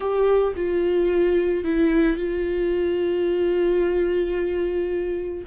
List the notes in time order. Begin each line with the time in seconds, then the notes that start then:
0.00 G4
0.56 F4
1.64 E4
2.16 F4